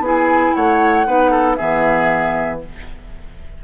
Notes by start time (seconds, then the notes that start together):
0.00 B3 E4 G#4 G#5
0.55 A3 C#5 F#5
1.06 B3 D#4 B4
1.31 A4
1.55 E3 B3 G#4 E5